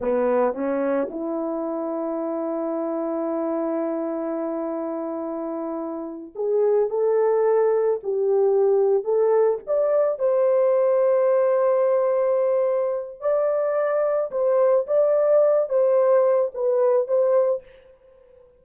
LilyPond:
\new Staff \with { instrumentName = "horn" } { \time 4/4 \tempo 4 = 109 b4 cis'4 e'2~ | e'1~ | e'2.~ e'8 gis'8~ | gis'8 a'2 g'4.~ |
g'8 a'4 d''4 c''4.~ | c''1 | d''2 c''4 d''4~ | d''8 c''4. b'4 c''4 | }